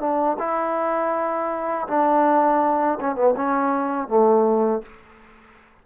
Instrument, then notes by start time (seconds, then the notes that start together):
trombone
0.00 D4
0.39 E4
1.88 D4
3.00 C#4
3.15 B3
3.36 C#4
4.08 A3